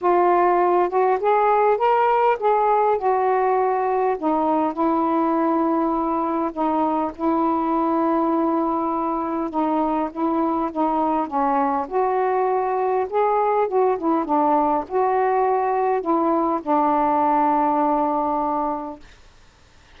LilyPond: \new Staff \with { instrumentName = "saxophone" } { \time 4/4 \tempo 4 = 101 f'4. fis'8 gis'4 ais'4 | gis'4 fis'2 dis'4 | e'2. dis'4 | e'1 |
dis'4 e'4 dis'4 cis'4 | fis'2 gis'4 fis'8 e'8 | d'4 fis'2 e'4 | d'1 | }